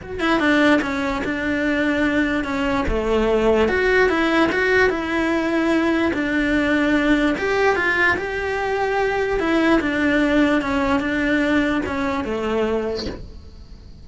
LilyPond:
\new Staff \with { instrumentName = "cello" } { \time 4/4 \tempo 4 = 147 fis'8 e'8 d'4 cis'4 d'4~ | d'2 cis'4 a4~ | a4 fis'4 e'4 fis'4 | e'2. d'4~ |
d'2 g'4 f'4 | g'2. e'4 | d'2 cis'4 d'4~ | d'4 cis'4 a2 | }